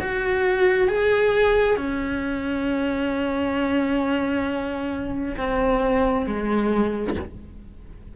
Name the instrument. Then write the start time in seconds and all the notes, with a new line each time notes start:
cello
0.00 F#4
0.88 G#4
1.77 C#4
5.37 C4
6.27 G#3